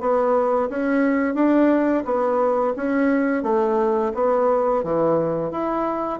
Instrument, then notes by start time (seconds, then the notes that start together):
bassoon
0.00 B3
0.69 C#4
1.34 D4
2.05 B3
2.76 C#4
3.43 A3
4.14 B3
4.83 E3
5.51 E4